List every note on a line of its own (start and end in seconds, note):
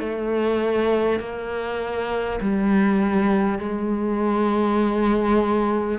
0.00 1.19 A3
1.19 2.39 A#3
2.41 3.59 G3
3.59 5.99 G#3